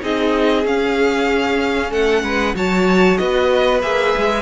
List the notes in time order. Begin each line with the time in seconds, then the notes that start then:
0.00 C4 D#4 G#4 D#5
0.64 C#4 F5
1.90 A3 A4 F#5
2.23 G#3 B4
2.54 F#3 F#4 C#5 A5
3.17 B3 B4 D#5
3.82 A#3 G#4 E5
4.17 G#3